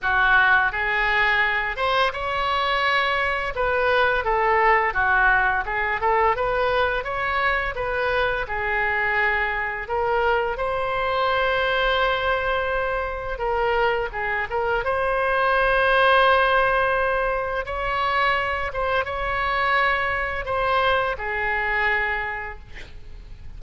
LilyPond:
\new Staff \with { instrumentName = "oboe" } { \time 4/4 \tempo 4 = 85 fis'4 gis'4. c''8 cis''4~ | cis''4 b'4 a'4 fis'4 | gis'8 a'8 b'4 cis''4 b'4 | gis'2 ais'4 c''4~ |
c''2. ais'4 | gis'8 ais'8 c''2.~ | c''4 cis''4. c''8 cis''4~ | cis''4 c''4 gis'2 | }